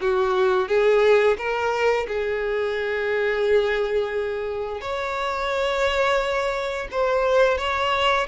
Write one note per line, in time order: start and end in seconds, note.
0.00 0.68 F#4
0.68 1.37 G#4
1.37 2.06 A#4
2.07 4.81 G#4
4.81 6.87 C#5
6.91 7.58 C5
7.58 8.27 C#5